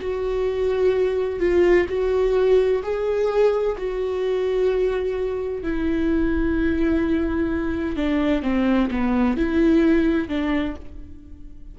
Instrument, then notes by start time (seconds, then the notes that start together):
viola
0.00 F#4
1.39 F4
1.88 F#4
2.83 G#4
3.78 F#4
5.62 E4
7.96 D4
8.42 C4
8.91 B3
9.36 E4
10.28 D4